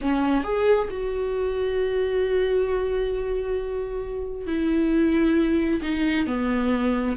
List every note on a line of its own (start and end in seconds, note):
0.01 0.43 C#4
0.43 0.88 G#4
0.90 4.47 F#4
4.47 5.81 E4
5.81 6.26 D#4
6.26 7.16 B3